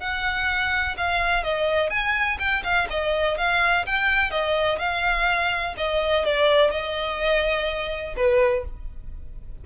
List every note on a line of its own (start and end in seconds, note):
0.00 0.96 F#5
0.97 1.43 F5
1.43 1.90 D#5
1.90 2.38 G#5
2.39 2.63 G5
2.63 2.87 F5
2.90 3.38 D#5
3.38 3.86 F5
3.86 4.31 G5
4.31 4.78 D#5
4.78 5.74 F5
5.77 6.25 D#5
6.25 6.71 D5
6.71 8.15 D#5
8.16 8.64 B4